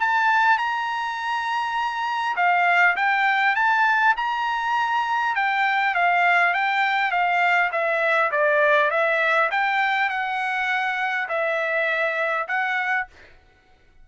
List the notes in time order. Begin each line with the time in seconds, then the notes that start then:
0.00 A5
0.58 A#5
2.37 F5
2.96 G5
3.56 A5
4.17 A#5
5.36 G5
5.95 F5
6.54 G5
7.12 F5
7.72 E5
8.32 D5
8.91 E5
9.51 G5
10.10 F#5
11.29 E5
12.48 F#5